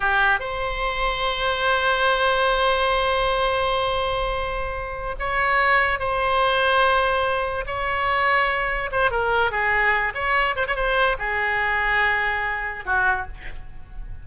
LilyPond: \new Staff \with { instrumentName = "oboe" } { \time 4/4 \tempo 4 = 145 g'4 c''2.~ | c''1~ | c''1~ | c''8 cis''2 c''4.~ |
c''2~ c''8 cis''4.~ | cis''4. c''8 ais'4 gis'4~ | gis'8 cis''4 c''16 cis''16 c''4 gis'4~ | gis'2. fis'4 | }